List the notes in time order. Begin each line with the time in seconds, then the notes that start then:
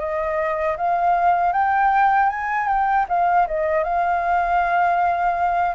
0.00 D#5
0.77 F5
1.53 G5
2.30 G#5
2.68 G5
3.09 F5
3.48 D#5
3.84 F5